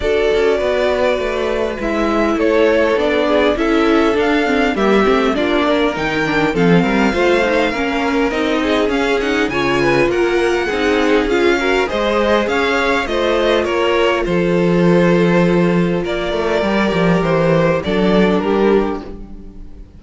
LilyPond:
<<
  \new Staff \with { instrumentName = "violin" } { \time 4/4 \tempo 4 = 101 d''2. e''4 | cis''4 d''4 e''4 f''4 | e''4 d''4 g''4 f''4~ | f''2 dis''4 f''8 fis''8 |
gis''4 fis''2 f''4 | dis''4 f''4 dis''4 cis''4 | c''2. d''4~ | d''4 c''4 d''4 ais'4 | }
  \new Staff \with { instrumentName = "violin" } { \time 4/4 a'4 b'2. | a'4. gis'8 a'2 | g'4 f'8 ais'4. a'8 ais'8 | c''4 ais'4. gis'4. |
cis''8 b'8 ais'4 gis'4. ais'8 | c''4 cis''4 c''4 ais'4 | a'2. ais'4~ | ais'2 a'4 g'4 | }
  \new Staff \with { instrumentName = "viola" } { \time 4/4 fis'2. e'4~ | e'4 d'4 e'4 d'8 c'8 | ais8 c'8 d'4 dis'8 d'8 c'4 | f'8 dis'8 cis'4 dis'4 cis'8 dis'8 |
f'2 dis'4 f'8 fis'8 | gis'2 f'2~ | f'1 | g'2 d'2 | }
  \new Staff \with { instrumentName = "cello" } { \time 4/4 d'8 cis'8 b4 a4 gis4 | a4 b4 cis'4 d'4 | g8 a8 ais4 dis4 f8 g8 | a4 ais4 c'4 cis'4 |
cis4 ais4 c'4 cis'4 | gis4 cis'4 a4 ais4 | f2. ais8 a8 | g8 f8 e4 fis4 g4 | }
>>